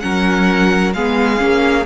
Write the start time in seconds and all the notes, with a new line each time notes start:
0.00 F#3 C#4 A#4 F#5
0.93 G#3 B3 G#4 F5
1.38 A#3 C#4